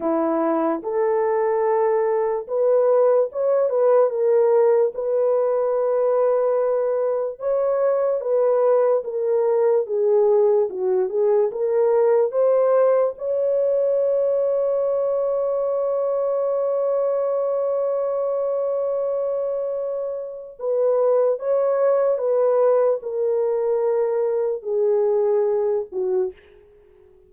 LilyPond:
\new Staff \with { instrumentName = "horn" } { \time 4/4 \tempo 4 = 73 e'4 a'2 b'4 | cis''8 b'8 ais'4 b'2~ | b'4 cis''4 b'4 ais'4 | gis'4 fis'8 gis'8 ais'4 c''4 |
cis''1~ | cis''1~ | cis''4 b'4 cis''4 b'4 | ais'2 gis'4. fis'8 | }